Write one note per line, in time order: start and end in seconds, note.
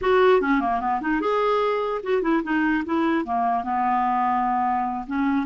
0.01 0.41 F#4
0.41 0.60 C#4
0.60 0.80 A#3
0.80 1.00 B3
1.01 1.20 D#4
1.20 2.01 G#4
2.03 2.22 F#4
2.22 2.42 E4
2.43 2.84 D#4
2.85 3.25 E4
3.25 3.63 A#3
3.63 5.05 B3
5.07 5.46 C#4